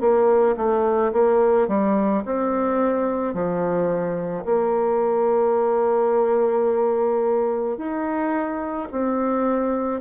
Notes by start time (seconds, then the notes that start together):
0.00 A#3
0.56 A3
1.13 A#3
1.68 G3
2.25 C4
3.33 F3
4.45 A#3
7.77 D#4
8.91 C4